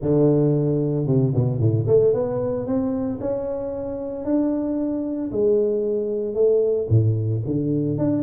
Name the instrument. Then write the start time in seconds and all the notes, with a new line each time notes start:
tuba
0.01 D3
1.06 C3
1.34 B2
1.59 A2
1.87 A3
2.13 B3
2.66 C4
3.20 C#4
4.25 D4
5.31 G#3
6.34 A3
6.89 A2
7.45 D3
7.98 D4